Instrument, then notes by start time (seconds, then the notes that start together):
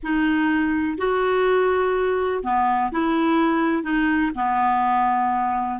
clarinet
0.03 D#4
0.98 F#4
2.43 B3
2.92 E4
3.83 D#4
4.35 B3